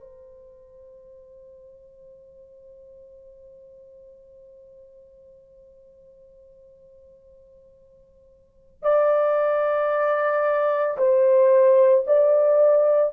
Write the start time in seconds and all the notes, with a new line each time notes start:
0.00 C5
8.82 D5
10.97 C5
12.07 D5